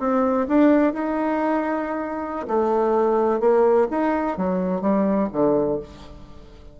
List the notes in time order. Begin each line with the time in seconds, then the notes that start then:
0.00 C4
0.49 D4
0.93 D#4
2.48 A3
3.40 A#3
3.91 D#4
4.38 F#3
4.82 G3
5.33 D3